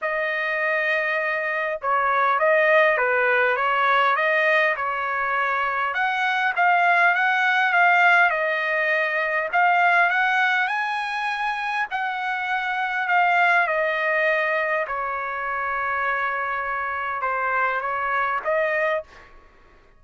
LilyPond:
\new Staff \with { instrumentName = "trumpet" } { \time 4/4 \tempo 4 = 101 dis''2. cis''4 | dis''4 b'4 cis''4 dis''4 | cis''2 fis''4 f''4 | fis''4 f''4 dis''2 |
f''4 fis''4 gis''2 | fis''2 f''4 dis''4~ | dis''4 cis''2.~ | cis''4 c''4 cis''4 dis''4 | }